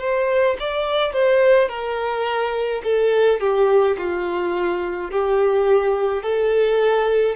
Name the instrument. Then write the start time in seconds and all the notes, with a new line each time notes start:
violin
0.00 C5
0.59 D5
1.13 C5
1.68 A#4
2.84 A4
3.40 G4
3.98 F4
5.11 G4
6.23 A4